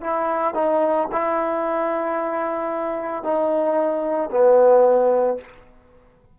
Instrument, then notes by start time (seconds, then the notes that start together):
trombone
0.00 E4
0.54 D#4
1.12 E4
3.23 D#4
4.30 B3